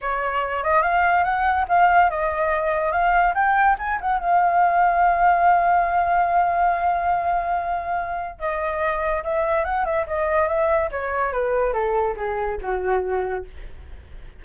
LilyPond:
\new Staff \with { instrumentName = "flute" } { \time 4/4 \tempo 4 = 143 cis''4. dis''8 f''4 fis''4 | f''4 dis''2 f''4 | g''4 gis''8 fis''8 f''2~ | f''1~ |
f''1 | dis''2 e''4 fis''8 e''8 | dis''4 e''4 cis''4 b'4 | a'4 gis'4 fis'2 | }